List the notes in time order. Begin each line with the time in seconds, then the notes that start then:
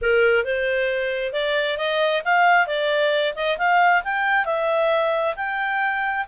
0.01 A#4
0.44 C5
1.32 D5
1.77 D#5
2.24 F5
2.66 D5
3.35 D#5
3.58 F5
4.04 G5
4.45 E5
5.35 G5